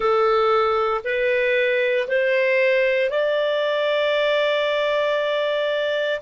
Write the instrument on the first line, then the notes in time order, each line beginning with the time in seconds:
clarinet
0.00 A4
1.04 B4
2.07 C5
3.10 D5